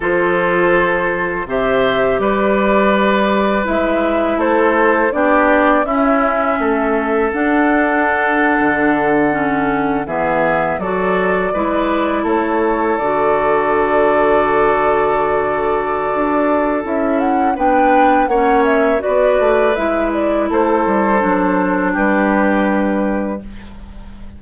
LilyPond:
<<
  \new Staff \with { instrumentName = "flute" } { \time 4/4 \tempo 4 = 82 c''2 e''4 d''4~ | d''4 e''4 c''4 d''4 | e''2 fis''2~ | fis''4.~ fis''16 e''4 d''4~ d''16~ |
d''8. cis''4 d''2~ d''16~ | d''2. e''8 fis''8 | g''4 fis''8 e''8 d''4 e''8 d''8 | c''2 b'2 | }
  \new Staff \with { instrumentName = "oboe" } { \time 4/4 a'2 c''4 b'4~ | b'2 a'4 g'4 | e'4 a'2.~ | a'4.~ a'16 gis'4 a'4 b'16~ |
b'8. a'2.~ a'16~ | a'1 | b'4 cis''4 b'2 | a'2 g'2 | }
  \new Staff \with { instrumentName = "clarinet" } { \time 4/4 f'2 g'2~ | g'4 e'2 d'4 | cis'2 d'2~ | d'8. cis'4 b4 fis'4 e'16~ |
e'4.~ e'16 fis'2~ fis'16~ | fis'2. e'4 | d'4 cis'4 fis'4 e'4~ | e'4 d'2. | }
  \new Staff \with { instrumentName = "bassoon" } { \time 4/4 f2 c4 g4~ | g4 gis4 a4 b4 | cis'4 a4 d'4.~ d'16 d16~ | d4.~ d16 e4 fis4 gis16~ |
gis8. a4 d2~ d16~ | d2 d'4 cis'4 | b4 ais4 b8 a8 gis4 | a8 g8 fis4 g2 | }
>>